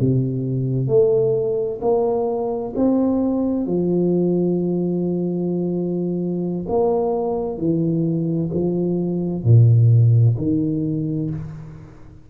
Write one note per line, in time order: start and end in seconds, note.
0.00 0.88 C3
0.88 1.80 A3
1.81 2.74 A#3
2.76 3.66 C4
3.66 6.66 F3
6.68 7.58 A#3
7.58 8.50 E3
8.53 9.44 F3
9.44 10.36 A#2
10.38 11.30 D#3